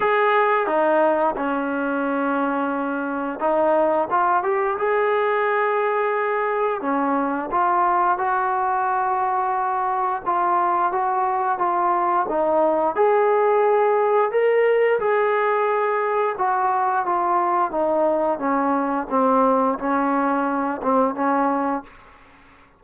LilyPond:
\new Staff \with { instrumentName = "trombone" } { \time 4/4 \tempo 4 = 88 gis'4 dis'4 cis'2~ | cis'4 dis'4 f'8 g'8 gis'4~ | gis'2 cis'4 f'4 | fis'2. f'4 |
fis'4 f'4 dis'4 gis'4~ | gis'4 ais'4 gis'2 | fis'4 f'4 dis'4 cis'4 | c'4 cis'4. c'8 cis'4 | }